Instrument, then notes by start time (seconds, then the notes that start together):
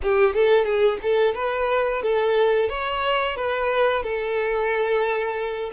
violin
0.02 G4
0.34 A4
0.64 G#4
1.02 A4
1.35 B4
2.02 A4
2.69 C#5
3.36 B4
4.02 A4